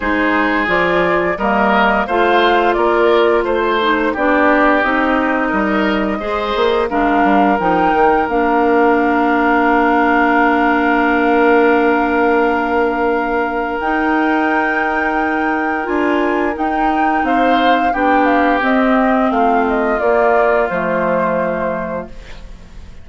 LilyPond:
<<
  \new Staff \with { instrumentName = "flute" } { \time 4/4 \tempo 4 = 87 c''4 d''4 dis''4 f''4 | d''4 c''4 d''4 dis''4~ | dis''2 f''4 g''4 | f''1~ |
f''1 | g''2. gis''4 | g''4 f''4 g''8 f''8 dis''4 | f''8 dis''8 d''4 c''2 | }
  \new Staff \with { instrumentName = "oboe" } { \time 4/4 gis'2 ais'4 c''4 | ais'4 c''4 g'2 | ais'4 c''4 ais'2~ | ais'1~ |
ais'1~ | ais'1~ | ais'4 c''4 g'2 | f'1 | }
  \new Staff \with { instrumentName = "clarinet" } { \time 4/4 dis'4 f'4 ais4 f'4~ | f'4. dis'8 d'4 dis'4~ | dis'4 gis'4 d'4 dis'4 | d'1~ |
d'1 | dis'2. f'4 | dis'2 d'4 c'4~ | c'4 ais4 a2 | }
  \new Staff \with { instrumentName = "bassoon" } { \time 4/4 gis4 f4 g4 a4 | ais4 a4 b4 c'4 | g4 gis8 ais8 gis8 g8 f8 dis8 | ais1~ |
ais1 | dis'2. d'4 | dis'4 c'4 b4 c'4 | a4 ais4 f2 | }
>>